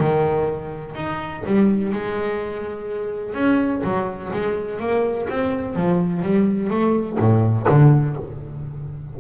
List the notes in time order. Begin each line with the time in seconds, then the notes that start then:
0.00 D#3
0.96 D#4
1.47 G3
1.93 G#3
3.34 C#4
3.84 F#3
4.33 G#3
4.80 A#3
5.30 C4
5.76 F3
6.23 G3
6.71 A3
7.19 A2
7.69 D3